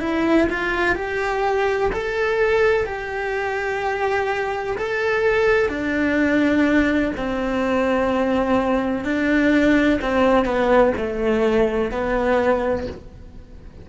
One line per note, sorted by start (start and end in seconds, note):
0.00 0.48 E4
0.50 0.96 F4
0.96 1.91 G4
1.93 2.86 A4
2.86 4.77 G4
4.77 5.69 A4
5.69 7.12 D4
7.17 9.04 C4
9.04 10.00 D4
10.02 10.45 C4
10.45 10.93 B3
10.97 11.91 A3
11.91 12.87 B3